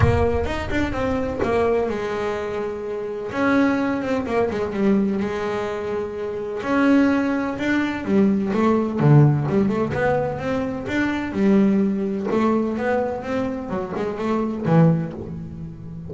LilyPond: \new Staff \with { instrumentName = "double bass" } { \time 4/4 \tempo 4 = 127 ais4 dis'8 d'8 c'4 ais4 | gis2. cis'4~ | cis'8 c'8 ais8 gis8 g4 gis4~ | gis2 cis'2 |
d'4 g4 a4 d4 | g8 a8 b4 c'4 d'4 | g2 a4 b4 | c'4 fis8 gis8 a4 e4 | }